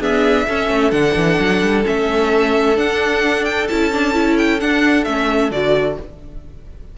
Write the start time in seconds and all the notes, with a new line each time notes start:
0.00 B3 D4 G#4 E5
0.48 C#4 A4
0.70 A3
0.91 D3 D4 F#5
1.16 E3
1.40 F#3
1.62 G3
1.85 A3 C#4 E5
2.76 D4 F#5
3.45 G5
3.68 C#4 E4 A5
3.92 D4
4.14 E4
4.38 G5
4.60 D4 F#5
5.05 A3 C#4 E5
5.51 D3 F#4 D5